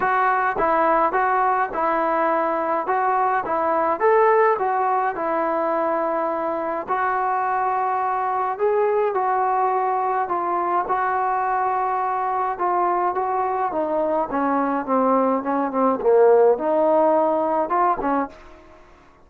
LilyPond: \new Staff \with { instrumentName = "trombone" } { \time 4/4 \tempo 4 = 105 fis'4 e'4 fis'4 e'4~ | e'4 fis'4 e'4 a'4 | fis'4 e'2. | fis'2. gis'4 |
fis'2 f'4 fis'4~ | fis'2 f'4 fis'4 | dis'4 cis'4 c'4 cis'8 c'8 | ais4 dis'2 f'8 cis'8 | }